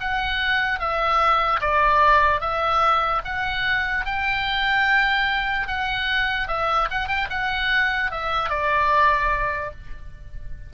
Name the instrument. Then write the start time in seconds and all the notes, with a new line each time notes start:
oboe
0.00 F#5
0.79 E5
1.61 D5
2.40 E5
3.25 F#5
4.05 G5
5.67 F#5
6.48 E5
6.90 F#5
7.08 G5
7.30 F#5
8.11 E5
8.49 D5